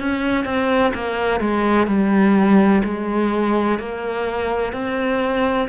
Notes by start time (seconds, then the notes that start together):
0.00 C#4
0.45 C4
0.94 A#3
1.40 G#3
1.87 G3
2.84 G#3
3.79 A#3
4.73 C4